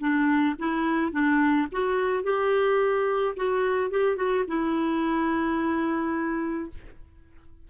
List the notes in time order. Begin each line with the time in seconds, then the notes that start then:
0.00 D4
0.59 E4
1.12 D4
1.72 F#4
2.23 G4
3.36 F#4
3.91 G4
4.16 F#4
4.48 E4